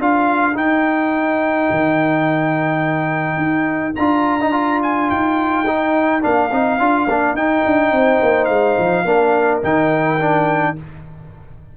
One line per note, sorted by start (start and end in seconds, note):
0.00 0.56 D4
0.00 0.54 F4
0.00 7.93 A#4
0.00 0.57 F5
0.54 3.94 D#4
0.54 1.69 D#4
0.54 3.96 G5
1.71 3.38 D#3
3.38 3.94 D#4
3.96 5.11 D4
3.96 4.41 F4
3.96 4.81 A#5
4.41 4.52 D#4
4.52 5.65 F4
4.83 5.10 G#5
5.10 6.25 D#4
5.10 6.24 G5
5.67 6.22 D#4
6.22 6.52 A#3
6.22 6.50 D4
6.22 7.36 F5
6.52 6.80 C4
6.52 6.80 D#4
6.80 7.08 D4
6.80 7.08 F4
7.08 7.34 A#3
7.08 7.37 D4
7.34 7.62 D#4
7.34 9.06 D#4
7.34 8.45 G5
7.66 7.92 D4
7.92 8.20 C4
7.92 9.06 C5
8.23 8.49 A#3
8.45 8.78 G#3
8.45 9.58 F5
8.79 9.05 F3
9.05 9.62 A#3
9.05 9.62 D4
9.05 10.76 A#4
9.63 10.77 D#3
9.63 10.19 D#4
9.63 10.77 G5
10.20 10.76 D4